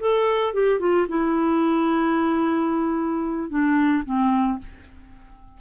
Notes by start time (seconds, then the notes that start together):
0.00 A4
0.54 G4
0.80 F4
1.08 E4
3.49 D4
4.05 C4